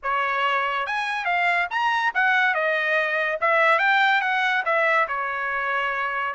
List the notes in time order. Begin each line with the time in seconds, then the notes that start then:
0.02 C#5
0.86 G#5
1.25 F5
1.70 A#5
2.14 F#5
2.54 D#5
3.40 E5
3.78 G5
4.21 F#5
4.65 E5
5.08 C#5